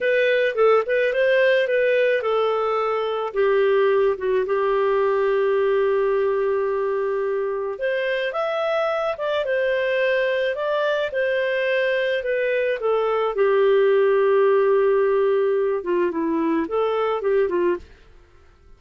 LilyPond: \new Staff \with { instrumentName = "clarinet" } { \time 4/4 \tempo 4 = 108 b'4 a'8 b'8 c''4 b'4 | a'2 g'4. fis'8 | g'1~ | g'2 c''4 e''4~ |
e''8 d''8 c''2 d''4 | c''2 b'4 a'4 | g'1~ | g'8 f'8 e'4 a'4 g'8 f'8 | }